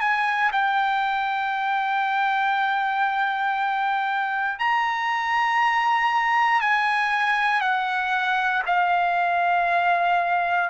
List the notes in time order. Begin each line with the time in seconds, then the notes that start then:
0.00 G#5
0.52 G5
4.59 A#5
6.61 G#5
7.61 F#5
8.66 F5